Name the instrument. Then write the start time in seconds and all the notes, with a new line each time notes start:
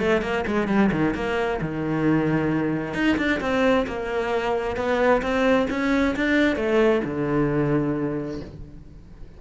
cello
0.00 A3
0.22 A#3
0.47 G#3
0.68 G3
0.92 D#3
1.15 A#3
1.61 D#3
2.94 D#4
3.18 D4
3.40 C4
3.87 A#3
4.76 B3
5.22 C4
5.70 C#4
6.16 D4
6.56 A3
7.05 D3